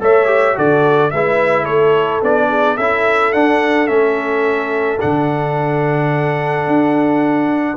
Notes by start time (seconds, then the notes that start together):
0.00 A3 A4 C#5 E5
0.26 G4
0.54 D3 F#4 A4 D5
1.11 G#3 E4 B4 E5
1.63 A3 A4 C#5
2.22 B3 D4 D5
2.49 G#4
2.76 C#4 E4 A4 E5
3.32 D4 F#5
3.87 A3 C#4 E5
5.00 D3 D4 F#5
6.67 D4